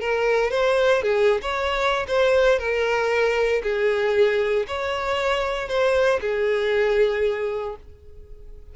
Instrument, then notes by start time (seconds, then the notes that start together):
violin
0.00 A#4
0.50 C5
1.02 G#4
1.41 C#5
2.07 C5
2.58 A#4
3.63 G#4
4.67 C#5
5.68 C5
6.20 G#4